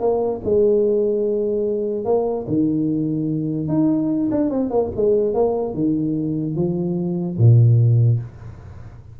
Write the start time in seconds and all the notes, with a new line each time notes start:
0.00 A#3
0.44 G#3
2.05 A#3
2.48 D#3
3.68 D#4
4.31 D4
4.50 C4
4.70 A#3
4.96 G#3
5.34 A#3
5.74 D#3
6.55 F3
7.38 A#2